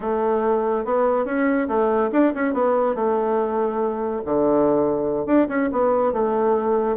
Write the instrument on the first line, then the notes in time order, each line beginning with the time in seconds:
bassoon
0.00 A3
0.85 B3
1.25 C#4
1.67 A3
2.11 D4
2.35 C#4
2.53 B3
2.95 A3
4.25 D3
5.26 D4
5.48 C#4
5.72 B3
6.12 A3